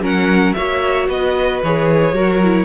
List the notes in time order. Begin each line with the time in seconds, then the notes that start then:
0.00 F#3 C#4 A#4 F#5
0.53 A#3 F#4 C#5 E5
1.08 B3 B4 D#5
1.63 E3 G#4 C#5
2.13 F#3 F#4 A#4
2.43 E4